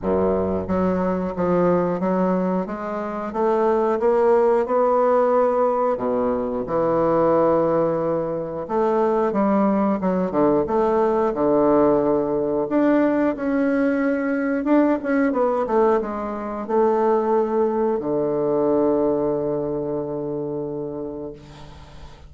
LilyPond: \new Staff \with { instrumentName = "bassoon" } { \time 4/4 \tempo 4 = 90 fis,4 fis4 f4 fis4 | gis4 a4 ais4 b4~ | b4 b,4 e2~ | e4 a4 g4 fis8 d8 |
a4 d2 d'4 | cis'2 d'8 cis'8 b8 a8 | gis4 a2 d4~ | d1 | }